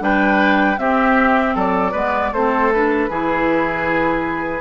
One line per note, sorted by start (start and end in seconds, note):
0.00 0.78 G3
0.00 0.77 D4
0.00 0.80 B4
0.00 0.79 G5
0.78 1.93 C4
0.78 1.55 C4
0.78 1.55 G4
0.78 1.56 E5
1.55 1.94 F#3
1.55 1.92 A4
1.55 2.34 D5
1.92 2.32 G#3
1.92 2.33 B3
1.92 2.30 B4
2.32 3.09 A3
2.32 2.74 C4
2.32 3.10 A4
2.32 2.72 C5
2.73 3.10 D4
2.73 4.61 B4
3.10 4.61 E3
3.10 4.61 E4
3.10 4.61 G#4